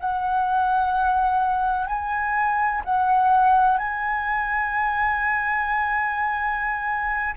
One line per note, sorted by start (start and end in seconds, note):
0.00 1.87 F#5
1.87 2.82 G#5
2.85 3.78 F#5
3.78 7.35 G#5